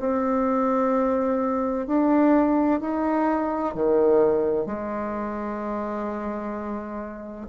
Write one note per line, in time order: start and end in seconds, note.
0.00 1.87 C4
1.87 2.81 D4
2.81 3.75 D#4
3.75 4.67 D#3
4.67 7.48 G#3